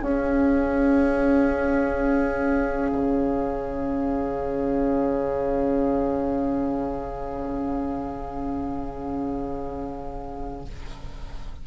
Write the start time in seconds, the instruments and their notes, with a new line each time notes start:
0.00 bassoon C#4, clarinet C#4, oboe G#4, flute F5
2.92 bassoon C#3